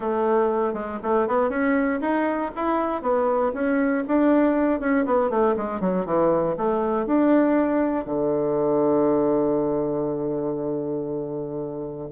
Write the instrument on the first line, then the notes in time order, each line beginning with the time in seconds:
bassoon
0.00 A3
0.73 G#3
1.02 A3
1.27 B3
1.49 C#4
2.00 D#4
2.55 E4
3.02 B3
3.53 C#4
4.07 D4
4.79 C#4
5.05 B3
5.29 A3
5.56 G#3
5.80 F#3
6.05 E3
6.57 A3
7.06 D4
8.05 D3